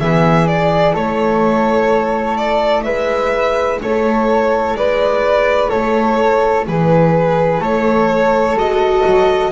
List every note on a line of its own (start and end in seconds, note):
0.00 0.96 E3
0.00 0.46 B3
0.00 0.93 G#4
0.00 0.48 E5
0.46 8.56 E4
0.46 0.95 D5
0.93 2.86 A3
0.93 2.84 A4
0.93 2.38 C#5
2.38 2.84 D5
2.84 3.82 G#3
2.84 3.80 B4
2.84 3.79 E5
3.83 4.75 A3
3.83 4.78 A4
3.83 4.77 C#5
4.75 5.70 G#3
4.75 5.70 B4
4.75 5.70 D5
5.70 6.68 A3
5.70 6.65 A4
5.70 6.65 C#5
6.68 7.60 E3
6.68 7.61 G#4
6.68 7.63 B4
7.60 8.55 A3
7.60 9.51 A4
7.60 8.59 C#5
8.55 9.03 G#3
8.55 9.52 F#4
8.55 9.52 D#5
9.06 9.52 F#3